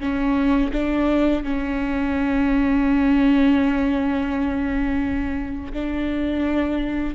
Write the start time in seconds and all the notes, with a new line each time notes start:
0.00 C#4
0.72 D4
1.44 C#4
5.73 D4